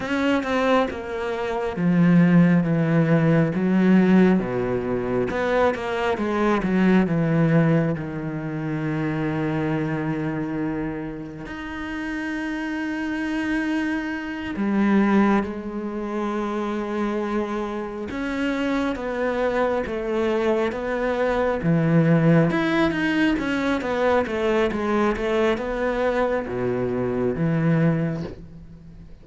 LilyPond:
\new Staff \with { instrumentName = "cello" } { \time 4/4 \tempo 4 = 68 cis'8 c'8 ais4 f4 e4 | fis4 b,4 b8 ais8 gis8 fis8 | e4 dis2.~ | dis4 dis'2.~ |
dis'8 g4 gis2~ gis8~ | gis8 cis'4 b4 a4 b8~ | b8 e4 e'8 dis'8 cis'8 b8 a8 | gis8 a8 b4 b,4 e4 | }